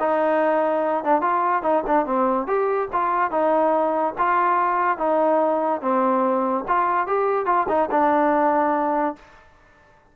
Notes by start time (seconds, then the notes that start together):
0.00 D#4
1.04 D4
1.21 F4
1.63 D#4
1.87 D4
2.06 C4
2.47 G4
2.93 F4
3.31 D#4
4.18 F4
4.98 D#4
5.81 C4
6.68 F4
7.07 G4
7.46 F4
7.69 D#4
7.91 D4